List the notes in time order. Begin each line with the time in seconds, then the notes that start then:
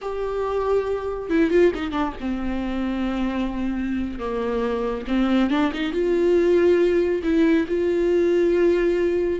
0.01 G4
1.29 E4
1.50 F4
1.75 D#4
1.91 D4
2.20 C4
4.19 A#3
5.07 C4
5.50 D4
5.73 D#4
5.92 F4
7.23 E4
7.67 F4